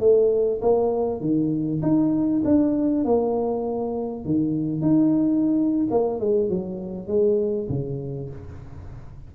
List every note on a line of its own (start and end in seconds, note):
0.00 0.61 A3
0.61 1.21 A#3
1.21 1.81 D#3
1.82 2.43 D#4
2.45 3.05 D4
3.05 4.25 A#3
4.25 4.82 D#3
4.82 5.88 D#4
5.90 6.20 A#3
6.20 6.49 G#3
6.49 7.07 F#3
7.07 7.68 G#3
7.69 8.30 C#3